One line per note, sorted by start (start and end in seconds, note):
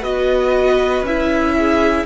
0.00 1.01 B3
0.00 1.04 F#4
0.00 1.53 B4
0.00 1.05 D#5
1.01 2.03 C#4
1.01 2.06 E4
1.01 2.06 E5
1.57 2.06 G#4